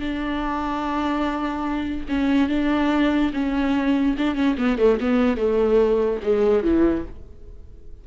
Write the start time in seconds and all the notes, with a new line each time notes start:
0.00 D4
2.09 C#4
2.49 D4
3.34 C#4
4.18 D4
4.35 C#4
4.58 B3
4.78 A3
5.01 B3
5.37 A3
6.24 G#3
6.64 E3